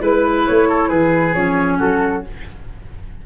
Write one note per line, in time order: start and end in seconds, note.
0.00 0.45 G#3
0.00 1.34 E4
0.00 0.68 B4
0.00 0.46 B4
0.46 0.90 A3
0.46 0.89 C#5
0.69 0.89 A4
0.89 1.35 E3
0.89 1.78 G#4
0.89 1.34 B4
1.34 1.80 F3
1.34 2.23 C#4
1.34 1.78 C#5
1.78 2.26 F#3
1.78 2.23 F#4
1.78 2.24 A4